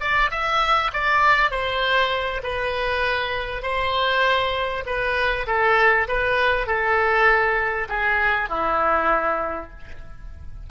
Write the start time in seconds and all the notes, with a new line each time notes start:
0.00 D5
0.31 E5
0.93 D5
1.51 C5
2.43 B4
3.63 C5
4.86 B4
5.47 A4
6.08 B4
6.67 A4
7.88 G#4
8.49 E4